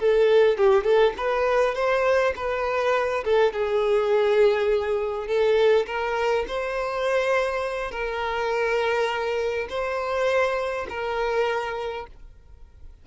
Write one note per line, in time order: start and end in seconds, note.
0.00 0.58 A4
0.58 0.84 G4
0.84 1.14 A4
1.17 1.75 B4
1.75 2.34 C5
2.36 3.24 B4
3.25 3.53 A4
3.53 5.28 G#4
5.28 5.86 A4
5.87 6.45 A#4
6.48 7.91 C5
7.91 9.68 A#4
9.70 10.87 C5
10.90 12.07 A#4